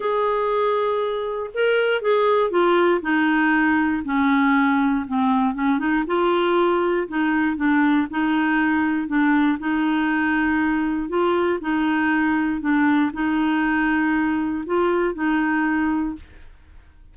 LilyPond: \new Staff \with { instrumentName = "clarinet" } { \time 4/4 \tempo 4 = 119 gis'2. ais'4 | gis'4 f'4 dis'2 | cis'2 c'4 cis'8 dis'8 | f'2 dis'4 d'4 |
dis'2 d'4 dis'4~ | dis'2 f'4 dis'4~ | dis'4 d'4 dis'2~ | dis'4 f'4 dis'2 | }